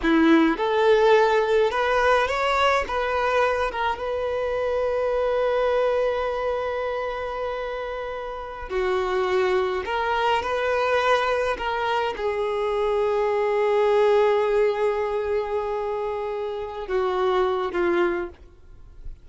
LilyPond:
\new Staff \with { instrumentName = "violin" } { \time 4/4 \tempo 4 = 105 e'4 a'2 b'4 | cis''4 b'4. ais'8 b'4~ | b'1~ | b'2.~ b'16 fis'8.~ |
fis'4~ fis'16 ais'4 b'4.~ b'16~ | b'16 ais'4 gis'2~ gis'8.~ | gis'1~ | gis'4. fis'4. f'4 | }